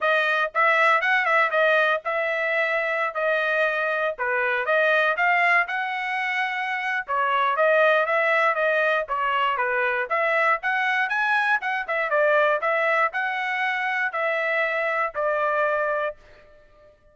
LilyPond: \new Staff \with { instrumentName = "trumpet" } { \time 4/4 \tempo 4 = 119 dis''4 e''4 fis''8 e''8 dis''4 | e''2~ e''16 dis''4.~ dis''16~ | dis''16 b'4 dis''4 f''4 fis''8.~ | fis''2 cis''4 dis''4 |
e''4 dis''4 cis''4 b'4 | e''4 fis''4 gis''4 fis''8 e''8 | d''4 e''4 fis''2 | e''2 d''2 | }